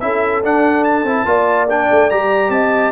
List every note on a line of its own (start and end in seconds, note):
0.00 0.43 C#4
0.00 0.43 E4
0.00 1.27 A4
0.00 0.42 E5
0.43 1.04 D4
0.43 1.06 D4
0.43 0.84 F#5
0.84 1.67 A5
1.04 1.24 C4
1.04 1.26 E4
1.25 1.87 A#3
1.25 1.67 F4
1.25 2.52 D5
1.69 2.11 D4
1.69 2.10 G5
1.91 2.12 A3
2.10 2.49 G3
2.10 2.91 G4
2.10 2.51 A#5
2.49 2.91 C4
2.49 2.91 D#5
2.49 2.91 A5